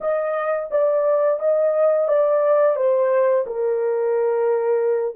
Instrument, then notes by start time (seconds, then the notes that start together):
horn
0.01 D#5
0.70 D5
1.39 D#5
2.08 D5
2.76 C5
3.46 A#4